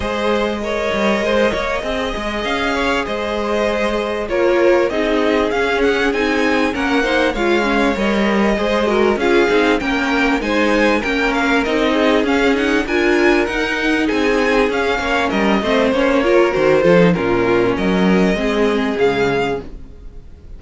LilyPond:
<<
  \new Staff \with { instrumentName = "violin" } { \time 4/4 \tempo 4 = 98 dis''1 | f''4 dis''2 cis''4 | dis''4 f''8 fis''8 gis''4 fis''4 | f''4 dis''2 f''4 |
g''4 gis''4 g''8 f''8 dis''4 | f''8 fis''8 gis''4 fis''4 gis''4 | f''4 dis''4 cis''4 c''4 | ais'4 dis''2 f''4 | }
  \new Staff \with { instrumentName = "violin" } { \time 4/4 c''4 cis''4 c''8 cis''8 dis''4~ | dis''8 cis''8 c''2 ais'4 | gis'2. ais'8 c''8 | cis''2 c''8 ais'8 gis'4 |
ais'4 c''4 ais'4. gis'8~ | gis'4 ais'2 gis'4~ | gis'8 cis''8 ais'8 c''4 ais'4 a'8 | f'4 ais'4 gis'2 | }
  \new Staff \with { instrumentName = "viola" } { \time 4/4 gis'4 ais'2 gis'4~ | gis'2. f'4 | dis'4 cis'4 dis'4 cis'8 dis'8 | f'8 cis'8 ais'4 gis'8 fis'8 f'8 dis'8 |
cis'4 dis'4 cis'4 dis'4 | cis'8 dis'8 f'4 dis'2 | cis'4. c'8 cis'8 f'8 fis'8 f'16 dis'16 | cis'2 c'4 gis4 | }
  \new Staff \with { instrumentName = "cello" } { \time 4/4 gis4. g8 gis8 ais8 c'8 gis8 | cis'4 gis2 ais4 | c'4 cis'4 c'4 ais4 | gis4 g4 gis4 cis'8 c'8 |
ais4 gis4 ais4 c'4 | cis'4 d'4 dis'4 c'4 | cis'8 ais8 g8 a8 ais4 dis8 f8 | ais,4 fis4 gis4 cis4 | }
>>